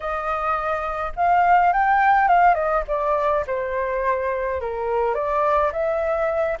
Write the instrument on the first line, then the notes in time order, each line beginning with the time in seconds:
flute
0.00 D#5
1.16 F5
1.72 G5
2.28 F5
2.54 D#5
2.87 D5
3.46 C5
4.61 A#4
5.14 D5
5.72 E5